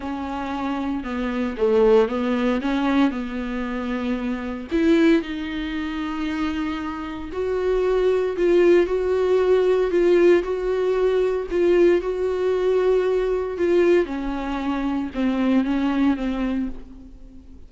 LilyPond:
\new Staff \with { instrumentName = "viola" } { \time 4/4 \tempo 4 = 115 cis'2 b4 a4 | b4 cis'4 b2~ | b4 e'4 dis'2~ | dis'2 fis'2 |
f'4 fis'2 f'4 | fis'2 f'4 fis'4~ | fis'2 f'4 cis'4~ | cis'4 c'4 cis'4 c'4 | }